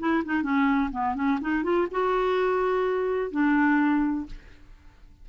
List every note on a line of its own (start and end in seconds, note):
0.00 0.24 E4
0.25 0.43 D#4
0.43 0.91 C#4
0.92 1.16 B3
1.16 1.39 C#4
1.42 1.64 D#4
1.64 1.88 F4
1.92 3.32 F#4
3.32 4.27 D4